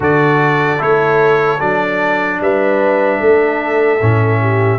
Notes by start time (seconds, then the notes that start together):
0.00 D3 F#4 A4 D5
0.78 A3 E4 C#5
1.59 F#3 D4 D5
2.40 G3 B4 E5
3.20 A3 A4
4.01 A2 C#4
4.40 G4